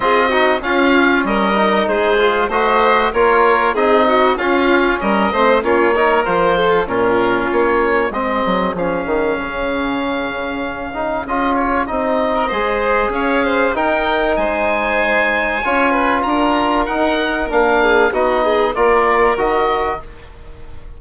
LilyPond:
<<
  \new Staff \with { instrumentName = "oboe" } { \time 4/4 \tempo 4 = 96 dis''4 f''4 dis''4 c''4 | dis''4 cis''4 dis''4 f''4 | dis''4 cis''4 c''4 ais'4 | cis''4 dis''4 f''2~ |
f''2 dis''8 cis''8 dis''4~ | dis''4 f''4 g''4 gis''4~ | gis''2 ais''4 fis''4 | f''4 dis''4 d''4 dis''4 | }
  \new Staff \with { instrumentName = "violin" } { \time 4/4 gis'8 fis'8 f'4 ais'4 gis'4 | c''4 ais'4 gis'8 fis'8 f'4 | ais'8 c''8 f'8 ais'4 a'8 f'4~ | f'4 gis'2.~ |
gis'2.~ gis'8. ais'16 | c''4 cis''8 c''8 ais'4 c''4~ | c''4 cis''8 b'8 ais'2~ | ais'8 gis'8 fis'8 gis'8 ais'2 | }
  \new Staff \with { instrumentName = "trombone" } { \time 4/4 f'8 dis'8 cis'4. dis'4 f'8 | fis'4 f'4 dis'4 cis'4~ | cis'8 c'8 cis'8 dis'8 f'4 cis'4~ | cis'4 c'4 cis'2~ |
cis'4. dis'8 f'4 dis'4 | gis'2 dis'2~ | dis'4 f'2 dis'4 | d'4 dis'4 f'4 fis'4 | }
  \new Staff \with { instrumentName = "bassoon" } { \time 4/4 c'4 cis'4 g4 gis4 | a4 ais4 c'4 cis'4 | g8 a8 ais4 f4 ais,4 | ais4 gis8 fis8 f8 dis8 cis4~ |
cis2 cis'4 c'4 | gis4 cis'4 dis'4 gis4~ | gis4 cis'4 d'4 dis'4 | ais4 b4 ais4 dis4 | }
>>